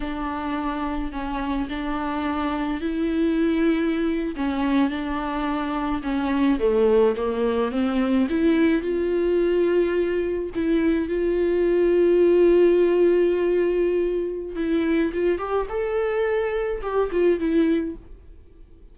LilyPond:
\new Staff \with { instrumentName = "viola" } { \time 4/4 \tempo 4 = 107 d'2 cis'4 d'4~ | d'4 e'2~ e'8. cis'16~ | cis'8. d'2 cis'4 a16~ | a8. ais4 c'4 e'4 f'16~ |
f'2~ f'8. e'4 f'16~ | f'1~ | f'2 e'4 f'8 g'8 | a'2 g'8 f'8 e'4 | }